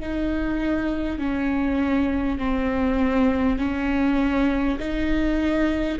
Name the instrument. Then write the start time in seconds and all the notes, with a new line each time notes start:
viola
0.00 D#4
1.18 C#4
2.39 C4
3.58 C#4
4.79 D#4